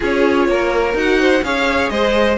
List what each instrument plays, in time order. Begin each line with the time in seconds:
0.00 cello C#4, viola F4, violin G#4 C#5
0.48 cello A#3, violin A#4
0.94 cello D#4, viola F#4, violin F#5
1.19 violin C5
1.43 cello C#4, viola G#4, violin C#5 F5
1.89 cello G#3, violin C5 D#5